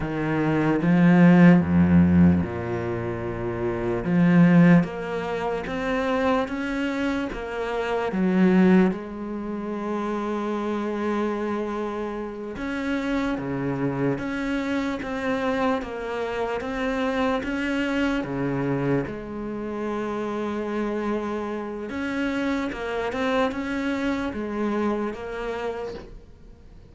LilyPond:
\new Staff \with { instrumentName = "cello" } { \time 4/4 \tempo 4 = 74 dis4 f4 f,4 ais,4~ | ais,4 f4 ais4 c'4 | cis'4 ais4 fis4 gis4~ | gis2.~ gis8 cis'8~ |
cis'8 cis4 cis'4 c'4 ais8~ | ais8 c'4 cis'4 cis4 gis8~ | gis2. cis'4 | ais8 c'8 cis'4 gis4 ais4 | }